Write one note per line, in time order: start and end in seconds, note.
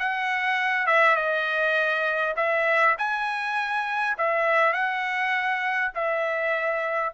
0.00 0.87 F#5
0.87 1.16 E5
1.16 2.35 D#5
2.37 2.96 E5
2.99 4.17 G#5
4.19 4.73 E5
4.73 5.92 F#5
5.95 7.14 E5